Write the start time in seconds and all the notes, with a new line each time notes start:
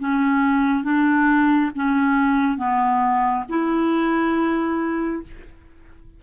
0.00 C#4
0.85 D4
1.76 C#4
2.58 B3
3.49 E4